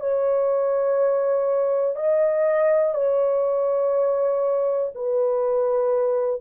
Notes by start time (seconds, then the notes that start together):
0.00 C#5
1.96 D#5
2.95 C#5
4.95 B4